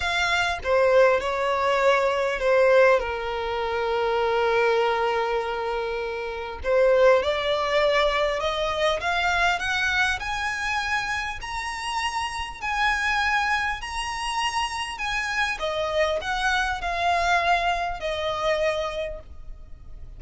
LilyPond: \new Staff \with { instrumentName = "violin" } { \time 4/4 \tempo 4 = 100 f''4 c''4 cis''2 | c''4 ais'2.~ | ais'2. c''4 | d''2 dis''4 f''4 |
fis''4 gis''2 ais''4~ | ais''4 gis''2 ais''4~ | ais''4 gis''4 dis''4 fis''4 | f''2 dis''2 | }